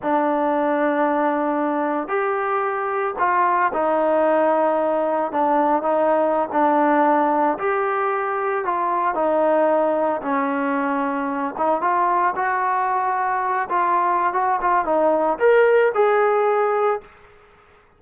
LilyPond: \new Staff \with { instrumentName = "trombone" } { \time 4/4 \tempo 4 = 113 d'1 | g'2 f'4 dis'4~ | dis'2 d'4 dis'4~ | dis'16 d'2 g'4.~ g'16~ |
g'16 f'4 dis'2 cis'8.~ | cis'4.~ cis'16 dis'8 f'4 fis'8.~ | fis'4.~ fis'16 f'4~ f'16 fis'8 f'8 | dis'4 ais'4 gis'2 | }